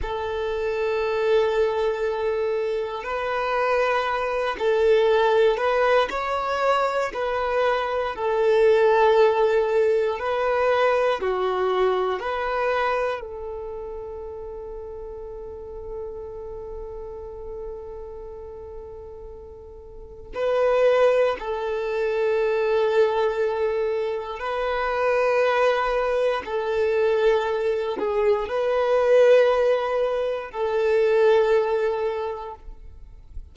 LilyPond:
\new Staff \with { instrumentName = "violin" } { \time 4/4 \tempo 4 = 59 a'2. b'4~ | b'8 a'4 b'8 cis''4 b'4 | a'2 b'4 fis'4 | b'4 a'2.~ |
a'1 | b'4 a'2. | b'2 a'4. gis'8 | b'2 a'2 | }